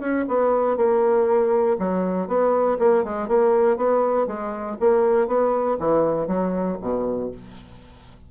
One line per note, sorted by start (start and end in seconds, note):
0.00 0.25 C#4
0.28 0.77 B3
0.77 1.77 A#3
1.79 2.28 F#3
2.28 2.78 B3
2.79 3.04 A#3
3.04 3.28 G#3
3.28 3.77 A#3
3.77 4.27 B3
4.27 4.77 G#3
4.80 5.27 A#3
5.27 5.77 B3
5.79 6.27 E3
6.27 6.77 F#3
6.81 7.31 B2